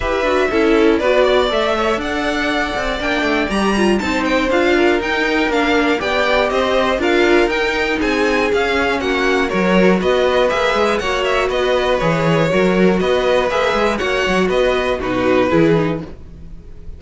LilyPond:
<<
  \new Staff \with { instrumentName = "violin" } { \time 4/4 \tempo 4 = 120 e''2 d''4 e''4 | fis''2 g''4 ais''4 | a''8 g''8 f''4 g''4 f''4 | g''4 dis''4 f''4 g''4 |
gis''4 f''4 fis''4 cis''4 | dis''4 e''4 fis''8 e''8 dis''4 | cis''2 dis''4 e''4 | fis''4 dis''4 b'2 | }
  \new Staff \with { instrumentName = "violin" } { \time 4/4 b'4 a'4 b'8 d''4 cis''8 | d''1 | c''4. ais'2~ ais'8 | d''4 c''4 ais'2 |
gis'2 fis'4 ais'4 | b'2 cis''4 b'4~ | b'4 ais'4 b'2 | cis''4 b'4 fis'4 gis'4 | }
  \new Staff \with { instrumentName = "viola" } { \time 4/4 g'8 fis'8 e'4 fis'4 a'4~ | a'2 d'4 g'8 f'8 | dis'4 f'4 dis'4 d'4 | g'2 f'4 dis'4~ |
dis'4 cis'2 fis'4~ | fis'4 gis'4 fis'2 | gis'4 fis'2 gis'4 | fis'2 dis'4 e'8 dis'8 | }
  \new Staff \with { instrumentName = "cello" } { \time 4/4 e'8 d'8 cis'4 b4 a4 | d'4. c'8 ais8 a8 g4 | c'4 d'4 dis'4 ais4 | b4 c'4 d'4 dis'4 |
c'4 cis'4 ais4 fis4 | b4 ais8 gis8 ais4 b4 | e4 fis4 b4 ais8 gis8 | ais8 fis8 b4 b,4 e4 | }
>>